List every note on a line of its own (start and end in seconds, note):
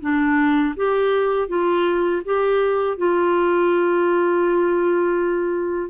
0.00 0.74 D4
0.76 1.48 G4
1.48 2.22 F4
2.25 2.97 G4
2.97 5.90 F4